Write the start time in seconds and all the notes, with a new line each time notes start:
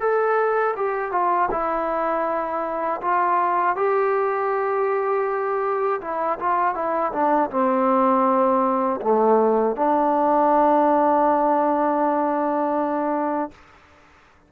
0.00 A4
0.76 G4
1.11 F4
1.51 E4
3.01 F4
3.76 G4
6.01 E4
6.39 F4
6.75 E4
7.12 D4
7.50 C4
9.01 A3
9.76 D4